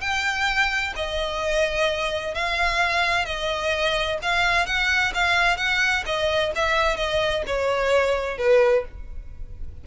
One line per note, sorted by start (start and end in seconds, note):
0.00 0.93 G5
0.96 2.34 D#5
2.34 3.25 F5
3.25 4.18 D#5
4.22 4.66 F5
4.66 5.12 F#5
5.14 5.57 F5
5.57 6.03 F#5
6.05 6.52 D#5
6.55 6.96 E5
6.96 7.43 D#5
7.46 8.38 C#5
8.38 8.84 B4